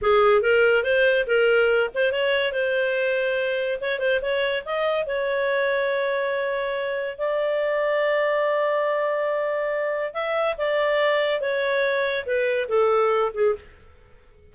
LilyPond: \new Staff \with { instrumentName = "clarinet" } { \time 4/4 \tempo 4 = 142 gis'4 ais'4 c''4 ais'4~ | ais'8 c''8 cis''4 c''2~ | c''4 cis''8 c''8 cis''4 dis''4 | cis''1~ |
cis''4 d''2.~ | d''1 | e''4 d''2 cis''4~ | cis''4 b'4 a'4. gis'8 | }